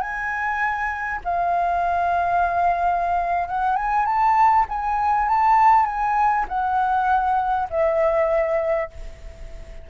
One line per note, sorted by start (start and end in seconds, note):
0.00 1.20 G#5
1.24 3.48 F5
3.48 3.76 F#5
3.76 4.05 G#5
4.05 4.65 A5
4.69 5.28 G#5
5.28 5.85 A5
5.85 6.45 G#5
6.48 7.68 F#5
7.70 8.90 E5